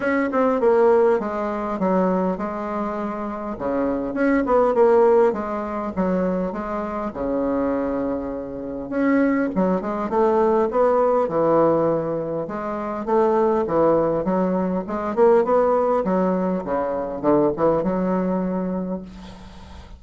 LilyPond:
\new Staff \with { instrumentName = "bassoon" } { \time 4/4 \tempo 4 = 101 cis'8 c'8 ais4 gis4 fis4 | gis2 cis4 cis'8 b8 | ais4 gis4 fis4 gis4 | cis2. cis'4 |
fis8 gis8 a4 b4 e4~ | e4 gis4 a4 e4 | fis4 gis8 ais8 b4 fis4 | cis4 d8 e8 fis2 | }